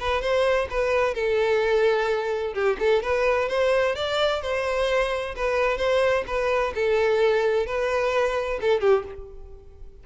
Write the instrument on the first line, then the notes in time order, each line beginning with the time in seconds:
violin
0.00 B4
0.21 C5
0.70 B4
1.14 A4
2.54 G4
2.79 A4
3.03 B4
3.49 C5
3.95 D5
4.42 C5
5.36 B4
5.78 C5
6.27 B4
6.75 A4
7.66 B4
8.61 A4
8.80 G4